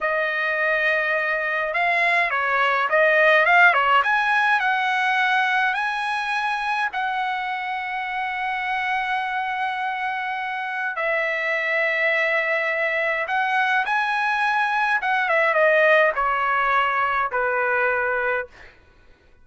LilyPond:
\new Staff \with { instrumentName = "trumpet" } { \time 4/4 \tempo 4 = 104 dis''2. f''4 | cis''4 dis''4 f''8 cis''8 gis''4 | fis''2 gis''2 | fis''1~ |
fis''2. e''4~ | e''2. fis''4 | gis''2 fis''8 e''8 dis''4 | cis''2 b'2 | }